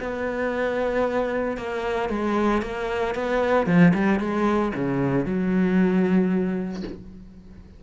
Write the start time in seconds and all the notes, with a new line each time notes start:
0.00 B3
1.57 A#3
2.10 G#3
2.62 A#3
3.15 B3
3.67 F3
3.94 G3
4.20 G#3
4.75 C#3
5.26 F#3